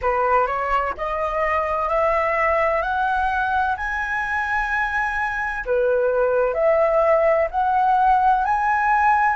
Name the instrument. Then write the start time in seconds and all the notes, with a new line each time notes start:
flute
0.01 B4
0.46 C#5
0.97 D#5
1.88 E5
2.82 F#5
3.77 G#5
5.65 B4
6.54 E5
7.50 F#5
8.44 G#5